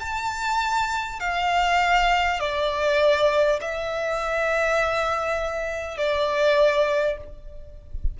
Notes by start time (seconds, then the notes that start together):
0.00 A5
1.20 F5
2.39 D5
3.61 E5
5.97 D5